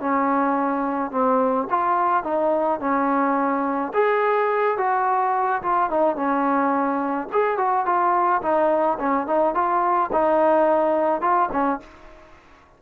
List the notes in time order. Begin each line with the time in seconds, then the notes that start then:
0.00 C#4
1.11 C4
1.70 F4
2.24 D#4
2.80 C#4
3.94 G#4
4.78 F#4
5.62 F4
5.90 D#4
6.16 C#4
7.32 G#4
7.58 F#4
7.86 F4
8.42 D#4
8.99 C#4
9.27 D#4
9.54 F4
10.12 D#4
11.21 F4
11.52 C#4